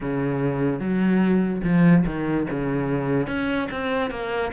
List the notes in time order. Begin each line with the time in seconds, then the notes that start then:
0.00 C#3
0.79 F#3
1.63 F3
2.05 D#3
2.50 C#3
3.27 C#4
3.71 C4
4.10 A#3